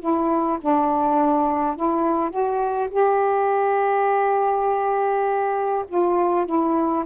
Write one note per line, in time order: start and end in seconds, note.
0.00 0.59 E4
0.61 1.76 D4
1.76 2.30 E4
2.30 2.89 F#4
2.91 5.85 G4
5.88 6.46 F4
6.46 7.05 E4